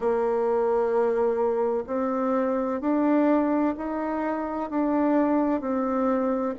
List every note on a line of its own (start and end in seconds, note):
0.00 1.84 A#3
1.87 2.80 C4
2.80 3.74 D4
3.77 4.70 D#4
4.70 5.60 D4
5.60 6.54 C4